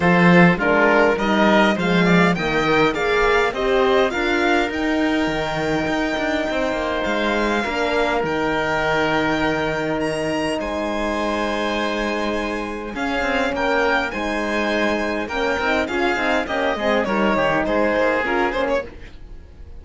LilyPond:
<<
  \new Staff \with { instrumentName = "violin" } { \time 4/4 \tempo 4 = 102 c''4 ais'4 dis''4 f''4 | g''4 f''4 dis''4 f''4 | g''1 | f''2 g''2~ |
g''4 ais''4 gis''2~ | gis''2 f''4 g''4 | gis''2 g''4 f''4 | dis''4 cis''4 c''4 ais'8 c''16 cis''16 | }
  \new Staff \with { instrumentName = "oboe" } { \time 4/4 a'4 f'4 ais'4 c''8 d''8 | dis''4 d''4 c''4 ais'4~ | ais'2. c''4~ | c''4 ais'2.~ |
ais'2 c''2~ | c''2 gis'4 ais'4 | c''2 ais'4 gis'4 | g'8 gis'8 ais'8 g'8 gis'2 | }
  \new Staff \with { instrumentName = "horn" } { \time 4/4 f'4 d'4 dis'4 gis4 | ais8 ais'8 gis'4 g'4 f'4 | dis'1~ | dis'4 d'4 dis'2~ |
dis'1~ | dis'2 cis'2 | dis'2 cis'8 dis'8 f'8 dis'8 | cis'8 c'8 dis'2 f'8 cis'8 | }
  \new Staff \with { instrumentName = "cello" } { \time 4/4 f4 gis4 g4 f4 | dis4 ais4 c'4 d'4 | dis'4 dis4 dis'8 d'8 c'8 ais8 | gis4 ais4 dis2~ |
dis2 gis2~ | gis2 cis'8 c'8 ais4 | gis2 ais8 c'8 cis'8 c'8 | ais8 gis8 g8 dis8 gis8 ais8 cis'8 ais8 | }
>>